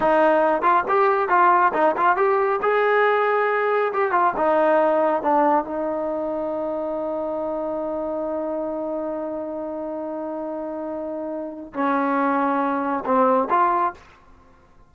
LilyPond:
\new Staff \with { instrumentName = "trombone" } { \time 4/4 \tempo 4 = 138 dis'4. f'8 g'4 f'4 | dis'8 f'8 g'4 gis'2~ | gis'4 g'8 f'8 dis'2 | d'4 dis'2.~ |
dis'1~ | dis'1~ | dis'2. cis'4~ | cis'2 c'4 f'4 | }